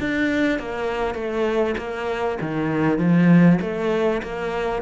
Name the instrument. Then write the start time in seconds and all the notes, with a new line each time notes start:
cello
0.00 D4
0.59 A#3
1.15 A3
1.78 A#3
2.41 D#3
2.99 F3
3.62 A3
4.23 A#3